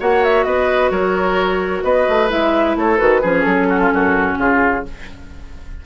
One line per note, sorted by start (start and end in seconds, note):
0.00 0.45 A#3
0.00 2.30 F#4
0.00 0.46 C#5
0.00 0.24 F#5
0.24 0.44 E5
0.44 0.91 B3
0.44 0.91 B4
0.44 0.90 D#5
0.91 1.83 F#3
0.91 1.84 A#4
0.91 1.83 C#5
1.84 2.07 B3
1.84 2.77 B4
1.84 2.30 D#5
2.09 2.32 A3
2.30 2.76 G#3
2.30 2.98 E4
2.30 2.77 E5
2.76 2.99 A3
2.76 3.22 A4
2.76 2.98 C#5
2.98 3.24 D#3
2.98 3.21 F#4
2.98 3.42 B4
3.22 3.46 F3
3.22 4.85 C#4
3.22 3.68 G#4
3.42 3.92 F#3
3.42 4.35 A4
3.69 3.80 F#4
3.80 3.92 F4
3.93 4.38 F#2
3.93 4.39 F#4
4.38 4.84 C#3
4.38 4.85 F4
4.38 4.86 G#4